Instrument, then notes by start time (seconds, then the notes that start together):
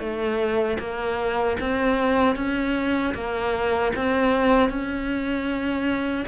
cello
0.00 A3
0.79 A#3
1.61 C4
2.36 C#4
3.15 A#3
3.96 C4
4.70 C#4